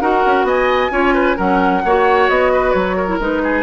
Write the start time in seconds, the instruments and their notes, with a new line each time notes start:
0.00 bassoon D#4, clarinet F#4, oboe A#4, flute F#5
0.25 bassoon C#4
0.43 bassoon B3, oboe D#5, flute G#5
0.91 bassoon C#4, clarinet F4, oboe C#5
1.14 oboe B4
1.36 bassoon F#3, clarinet C#4, oboe A#4, flute F#5
1.84 bassoon A#3, clarinet F#4, oboe C#5
2.28 bassoon B3, flute D#5
2.52 oboe B4
2.71 bassoon F#3, flute C#5
2.96 oboe A#4
3.07 clarinet E4
3.19 bassoon G#3, clarinet D#4, flute B4
3.43 oboe G#4